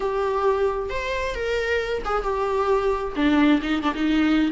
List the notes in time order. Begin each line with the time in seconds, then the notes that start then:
0.00 G4
0.89 C5
1.34 A#4
2.04 G#4
2.22 G4
3.15 D4
3.62 D#4
3.82 D4
3.94 D#4